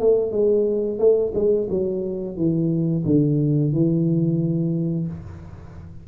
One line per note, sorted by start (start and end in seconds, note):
0.00 0.32 A3
0.32 0.99 G#3
0.99 1.33 A3
1.35 1.68 G#3
1.70 2.37 F#3
2.37 3.04 E3
3.06 3.73 D3
3.73 5.08 E3